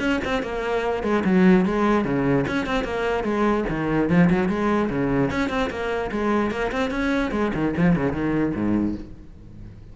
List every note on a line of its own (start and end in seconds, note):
0.00 0.20 C#4
0.25 0.43 C4
0.43 1.04 A#3
1.04 1.24 G#3
1.25 1.66 F#3
1.66 2.05 G#3
2.05 2.46 C#3
2.48 2.67 C#4
2.67 2.85 C4
2.85 3.25 A#3
3.25 3.65 G#3
3.70 4.10 D#3
4.10 4.30 F3
4.30 4.49 F#3
4.49 4.90 G#3
4.90 5.31 C#3
5.31 5.50 C#4
5.50 5.70 C4
5.71 6.11 A#3
6.12 6.52 G#3
6.52 6.72 A#3
6.72 6.91 C4
6.91 7.32 C#4
7.32 7.52 G#3
7.55 7.75 D#3
7.77 7.96 F3
7.96 8.13 C#3
8.13 8.54 D#3
8.55 8.96 G#2